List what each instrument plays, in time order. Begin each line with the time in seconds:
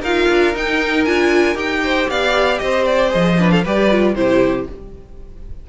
0.00 cello D#4, viola F4, violin A#4 F5
0.29 cello D4
0.54 viola D#4, cello D#4, violin G5
1.05 cello D4, viola F4, violin G#5
1.55 cello D#4, viola G4, violin G5
1.84 violin C5
2.08 cello B3, violin D5 F5
2.58 cello C4, violin C5 D#5
2.85 violin D5
3.09 cello F3, viola G#4, violin D#5
3.38 viola D4, violin B4
3.51 violin A4 F5
3.62 cello G3, viola G4, violin B4 D5
3.91 viola F4
4.14 cello C3, viola E4, violin G4 C5